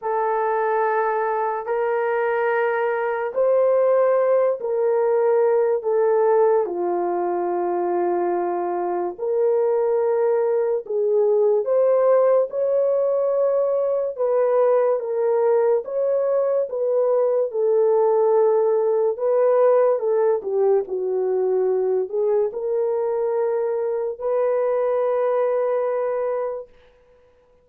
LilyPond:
\new Staff \with { instrumentName = "horn" } { \time 4/4 \tempo 4 = 72 a'2 ais'2 | c''4. ais'4. a'4 | f'2. ais'4~ | ais'4 gis'4 c''4 cis''4~ |
cis''4 b'4 ais'4 cis''4 | b'4 a'2 b'4 | a'8 g'8 fis'4. gis'8 ais'4~ | ais'4 b'2. | }